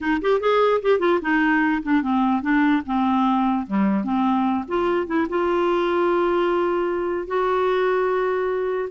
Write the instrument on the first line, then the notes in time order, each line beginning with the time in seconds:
clarinet
0.00 D#4
0.21 G4
0.40 G#4
0.81 G4
0.99 F4
1.21 D#4
1.82 D4
2.02 C4
2.42 D4
2.85 C4
3.66 G3
4.04 C4
4.68 F4
5.06 E4
5.29 F4
7.27 F#4